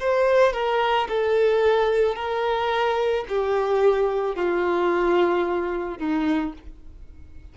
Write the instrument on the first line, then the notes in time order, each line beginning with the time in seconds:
violin
0.00 C5
0.54 A#4
1.09 A4
2.16 A#4
3.29 G4
4.35 F4
5.99 D#4